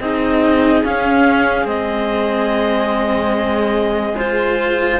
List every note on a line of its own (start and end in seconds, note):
0.00 0.83 C4
0.00 0.84 D#4
0.00 5.00 G#4
0.00 0.84 D#5
0.84 1.65 C#4
0.84 1.67 F5
1.65 4.99 G#3
1.65 4.15 C4
1.65 4.17 D#5
4.17 5.00 F4
4.17 5.00 C5